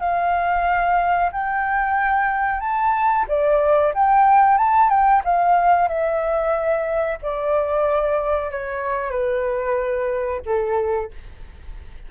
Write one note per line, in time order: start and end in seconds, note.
0.00 1.30 F5
1.32 2.60 G5
2.60 3.25 A5
3.28 3.93 D5
3.94 4.57 G5
4.57 4.89 A5
4.89 5.22 G5
5.24 5.88 F5
5.88 7.18 E5
7.22 8.51 D5
8.51 9.10 C#5
9.10 10.41 B4
10.46 11.11 A4